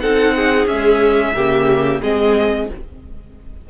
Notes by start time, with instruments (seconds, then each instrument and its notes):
0.00 cello C4, viola D#4, violin A4 F#5
0.36 violin G#4
0.66 viola G#3, cello C#4, violin E5
1.34 cello C#3, viola A#3, violin G4
2.02 cello G#3, viola C4, violin G#4 D#5